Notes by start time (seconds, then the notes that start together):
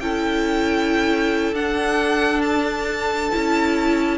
0.00 C#4 E4 A4 G5
1.53 D4 F#5
2.42 A5
3.32 C#4 E4